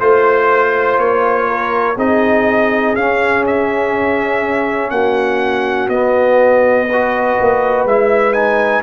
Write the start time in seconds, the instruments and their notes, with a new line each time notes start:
0.00 tuba A3, trombone F4, horn C5, trumpet C5
0.99 tuba A#3, trumpet C#5
1.49 horn A#4
1.97 tuba C4, trombone D#4, horn G#4, trumpet D#5
2.96 tuba C#4, trombone C#4, trumpet F5
3.47 trumpet E5
4.91 tuba A#3, horn F#4, trumpet F#5
5.89 tuba B3, trombone B3, trumpet D#5
6.88 trombone F#4, horn B4
7.41 tuba A#3
7.85 tuba G#3, trombone E4, trumpet E5
8.34 trombone D#4, trumpet G#5